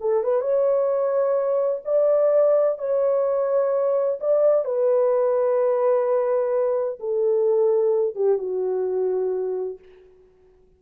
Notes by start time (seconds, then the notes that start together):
0.00 A4
0.23 B4
0.41 C#5
1.85 D5
2.78 C#5
4.20 D5
4.64 B4
6.99 A4
8.15 G4
8.38 F#4